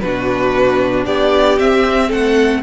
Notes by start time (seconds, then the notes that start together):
0.00 B2 D4 F#4 B4
1.06 B3 G4 D5
1.58 C4 E5
2.08 A3 A4 F#5